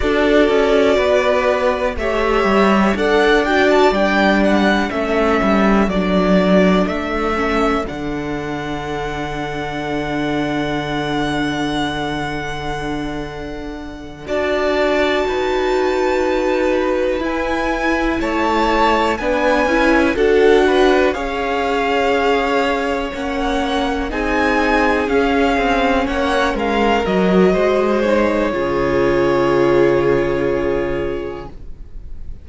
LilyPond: <<
  \new Staff \with { instrumentName = "violin" } { \time 4/4 \tempo 4 = 61 d''2 e''4 fis''8 g''16 a''16 | g''8 fis''8 e''4 d''4 e''4 | fis''1~ | fis''2~ fis''8 a''4.~ |
a''4. gis''4 a''4 gis''8~ | gis''8 fis''4 f''2 fis''8~ | fis''8 gis''4 f''4 fis''8 f''8 dis''8~ | dis''8 cis''2.~ cis''8 | }
  \new Staff \with { instrumentName = "violin" } { \time 4/4 a'4 b'4 cis''4 d''4~ | d''4 a'2.~ | a'1~ | a'2~ a'8 d''4 b'8~ |
b'2~ b'8 cis''4 b'8~ | b'8 a'8 b'8 cis''2~ cis''8~ | cis''8 gis'2 cis''8 ais'4 | c''4 gis'2. | }
  \new Staff \with { instrumentName = "viola" } { \time 4/4 fis'2 g'4 a'8 fis'8 | d'4 cis'4 d'4. cis'8 | d'1~ | d'2~ d'8 fis'4.~ |
fis'4. e'2 d'8 | e'8 fis'4 gis'2 cis'8~ | cis'8 dis'4 cis'2 fis'8~ | fis'8 dis'8 f'2. | }
  \new Staff \with { instrumentName = "cello" } { \time 4/4 d'8 cis'8 b4 a8 g8 d'4 | g4 a8 g8 fis4 a4 | d1~ | d2~ d8 d'4 dis'8~ |
dis'4. e'4 a4 b8 | cis'8 d'4 cis'2 ais8~ | ais8 c'4 cis'8 c'8 ais8 gis8 fis8 | gis4 cis2. | }
>>